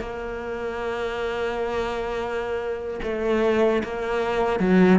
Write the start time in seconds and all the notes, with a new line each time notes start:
0.00 A#3
3.03 A3
3.83 A#3
4.59 F#3